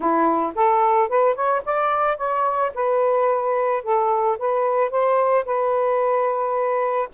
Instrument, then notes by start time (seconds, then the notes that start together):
saxophone
0.00 E4
0.55 A4
1.08 B4
1.34 C#5
1.65 D5
2.17 C#5
2.74 B4
3.83 A4
4.38 B4
4.90 C5
5.45 B4